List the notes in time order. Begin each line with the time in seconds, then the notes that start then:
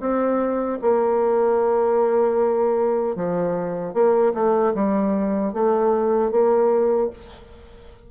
0.00 C4
0.81 A#3
3.15 F3
3.93 A#3
4.34 A3
4.74 G3
5.53 A3
6.31 A#3